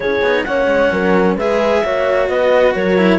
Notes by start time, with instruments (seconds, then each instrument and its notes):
0.00 cello C#4 E4, horn G#4, clarinet C#5
0.21 cello B3 D#4
0.44 cello A#3 C#4, horn C#5, clarinet F#5
0.66 cello G#3
0.92 cello F#3, horn A#4
1.36 cello G#3 G#4, horn B4, clarinet E5
1.83 cello A#3 F#4, horn C#5
2.27 cello B3, horn B4, clarinet D#5
2.74 cello F#3, horn A#4, clarinet C#5
2.97 cello E4